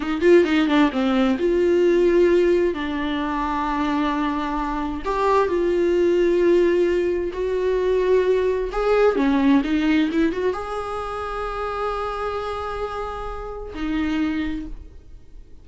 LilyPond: \new Staff \with { instrumentName = "viola" } { \time 4/4 \tempo 4 = 131 dis'8 f'8 dis'8 d'8 c'4 f'4~ | f'2 d'2~ | d'2. g'4 | f'1 |
fis'2. gis'4 | cis'4 dis'4 e'8 fis'8 gis'4~ | gis'1~ | gis'2 dis'2 | }